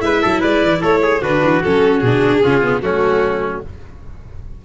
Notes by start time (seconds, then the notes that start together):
0.00 G#3 E4 B4 E5
0.22 F#3 A4
0.40 G#3 B4 D5
0.63 E3
0.81 A3 A4 C#5
1.02 G#4
1.22 D3 D4 F#4 B4
1.43 E3
1.63 F#3 C#4 A4
2.00 B2 D4 G#4
2.44 C#3 C#4 F4
2.62 B3
2.82 F#3 A3 C#4 F#4